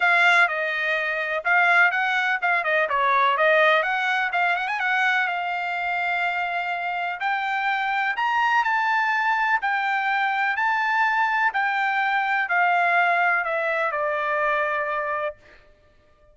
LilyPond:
\new Staff \with { instrumentName = "trumpet" } { \time 4/4 \tempo 4 = 125 f''4 dis''2 f''4 | fis''4 f''8 dis''8 cis''4 dis''4 | fis''4 f''8 fis''16 gis''16 fis''4 f''4~ | f''2. g''4~ |
g''4 ais''4 a''2 | g''2 a''2 | g''2 f''2 | e''4 d''2. | }